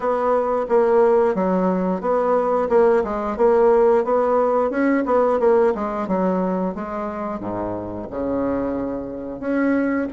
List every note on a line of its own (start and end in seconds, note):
0.00 0.66 B3
0.68 1.35 A#3
1.35 2.00 F#3
2.00 2.68 B3
2.69 3.03 A#3
3.04 3.36 G#3
3.36 4.04 A#3
4.04 4.70 B3
4.70 5.04 C#4
5.05 5.39 B3
5.39 5.73 A#3
5.75 6.07 G#3
6.07 6.74 F#3
6.74 7.39 G#3
7.39 8.07 G#2
8.10 9.40 C#3
9.40 10.07 C#4